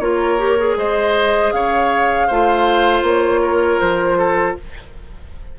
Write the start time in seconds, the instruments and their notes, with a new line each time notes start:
0.00 bassoon A#3, clarinet F4, oboe A#4, flute C#5
0.39 clarinet G4
0.59 clarinet G#4
0.77 bassoon G#3, oboe C5, flute D#5
1.52 bassoon C#3, oboe C#5, flute F5
2.27 bassoon A3, clarinet F4, oboe C5
3.03 bassoon A#3, flute C#5
3.42 oboe A#4
3.80 bassoon F3, flute C5
4.18 oboe A4